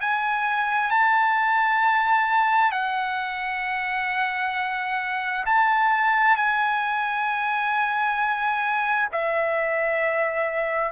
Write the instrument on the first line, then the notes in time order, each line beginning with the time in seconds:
trumpet
0.00 G#5
0.90 A5
2.71 F#5
5.45 A5
6.36 G#5
9.12 E5